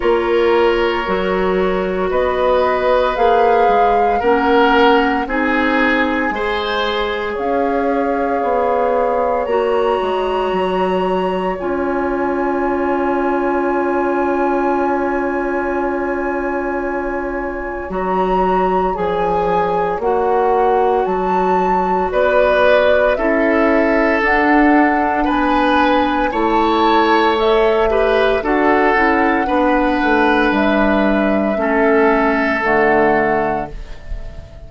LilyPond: <<
  \new Staff \with { instrumentName = "flute" } { \time 4/4 \tempo 4 = 57 cis''2 dis''4 f''4 | fis''4 gis''2 f''4~ | f''4 ais''2 gis''4~ | gis''1~ |
gis''4 ais''4 gis''4 fis''4 | a''4 d''4 e''4 fis''4 | gis''4 a''4 e''4 fis''4~ | fis''4 e''2 fis''4 | }
  \new Staff \with { instrumentName = "oboe" } { \time 4/4 ais'2 b'2 | ais'4 gis'4 c''4 cis''4~ | cis''1~ | cis''1~ |
cis''1~ | cis''4 b'4 a'2 | b'4 cis''4. b'8 a'4 | b'2 a'2 | }
  \new Staff \with { instrumentName = "clarinet" } { \time 4/4 f'4 fis'2 gis'4 | cis'4 dis'4 gis'2~ | gis'4 fis'2 f'4~ | f'1~ |
f'4 fis'4 gis'4 fis'4~ | fis'2 e'4 d'4~ | d'4 e'4 a'8 g'8 fis'8 e'8 | d'2 cis'4 a4 | }
  \new Staff \with { instrumentName = "bassoon" } { \time 4/4 ais4 fis4 b4 ais8 gis8 | ais4 c'4 gis4 cis'4 | b4 ais8 gis8 fis4 cis'4~ | cis'1~ |
cis'4 fis4 f4 ais4 | fis4 b4 cis'4 d'4 | b4 a2 d'8 cis'8 | b8 a8 g4 a4 d4 | }
>>